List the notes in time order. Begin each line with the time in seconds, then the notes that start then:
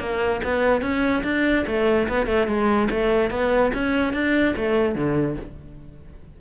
0.00 A#3
0.44 B3
0.82 C#4
1.24 D4
1.67 A3
2.09 B3
2.27 A3
2.47 G#3
2.91 A3
3.31 B3
3.74 C#4
4.14 D4
4.57 A3
4.95 D3